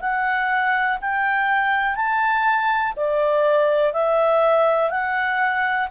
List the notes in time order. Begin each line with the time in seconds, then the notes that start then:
0.00 F#5
1.01 G5
1.95 A5
2.96 D5
3.93 E5
4.90 F#5